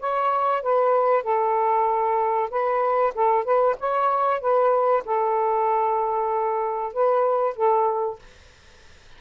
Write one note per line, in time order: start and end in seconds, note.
0.00 0.63 C#5
0.63 1.23 B4
1.23 2.50 A4
2.51 3.14 B4
3.15 3.44 A4
3.44 3.76 B4
3.80 4.41 C#5
4.41 5.04 B4
5.05 6.93 A4
6.93 7.56 B4
7.56 8.20 A4